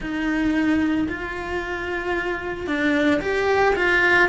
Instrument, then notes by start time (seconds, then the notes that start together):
cello
0.00 D#4
1.08 F4
2.66 D4
3.21 G4
3.75 F4